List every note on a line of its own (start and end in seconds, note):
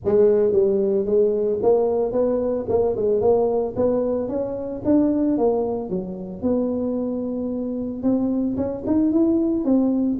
0.04 0.52 G#3
0.52 1.05 G3
1.05 1.59 G#3
1.62 2.12 A#3
2.12 2.65 B3
2.69 2.95 A#3
2.95 3.20 G#3
3.20 3.74 A#3
3.76 4.28 B3
4.28 4.81 C#4
4.85 5.37 D4
5.37 5.89 A#3
5.89 6.42 F#3
6.42 8.02 B3
8.03 8.56 C4
8.56 8.83 C#4
8.86 9.11 D#4
9.11 9.64 E4
9.64 10.17 C4